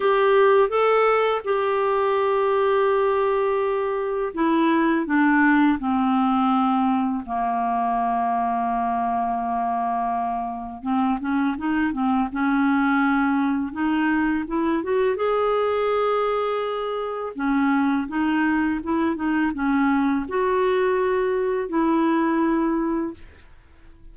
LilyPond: \new Staff \with { instrumentName = "clarinet" } { \time 4/4 \tempo 4 = 83 g'4 a'4 g'2~ | g'2 e'4 d'4 | c'2 ais2~ | ais2. c'8 cis'8 |
dis'8 c'8 cis'2 dis'4 | e'8 fis'8 gis'2. | cis'4 dis'4 e'8 dis'8 cis'4 | fis'2 e'2 | }